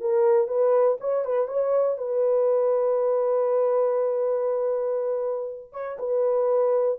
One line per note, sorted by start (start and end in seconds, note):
0.00 0.47 A#4
0.47 0.97 B4
1.00 1.25 C#5
1.25 1.47 B4
1.47 1.97 C#5
1.97 5.72 B4
5.72 5.97 C#5
5.98 6.98 B4